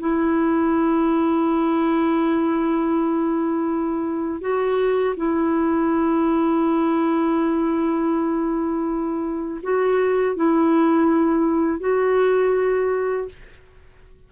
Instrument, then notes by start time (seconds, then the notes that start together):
clarinet
0.00 E4
4.41 F#4
5.17 E4
9.63 F#4
10.37 E4
11.81 F#4